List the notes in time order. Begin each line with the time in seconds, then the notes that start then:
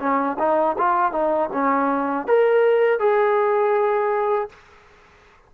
0.00 C#4
0.39 D#4
0.78 F4
1.12 D#4
1.53 C#4
2.28 A#4
3.00 G#4